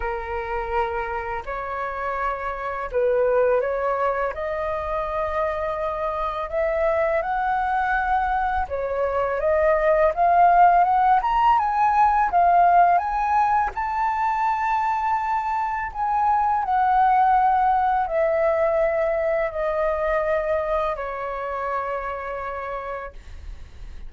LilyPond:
\new Staff \with { instrumentName = "flute" } { \time 4/4 \tempo 4 = 83 ais'2 cis''2 | b'4 cis''4 dis''2~ | dis''4 e''4 fis''2 | cis''4 dis''4 f''4 fis''8 ais''8 |
gis''4 f''4 gis''4 a''4~ | a''2 gis''4 fis''4~ | fis''4 e''2 dis''4~ | dis''4 cis''2. | }